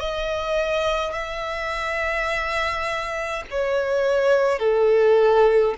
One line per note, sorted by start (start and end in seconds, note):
0.00 1.13 D#5
1.13 3.44 E5
3.51 4.59 C#5
4.59 5.75 A4